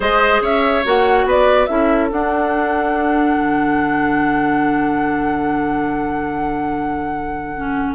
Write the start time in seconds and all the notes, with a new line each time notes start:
0.00 G#3 G#4 C5 D#5
0.41 C#4 C#5 E5
0.85 A#3 F#4 F#5
1.24 B3 B4 D5
1.66 C#4 E4 A4 E5
2.11 D4 F#5
3.35 D3
7.57 C#4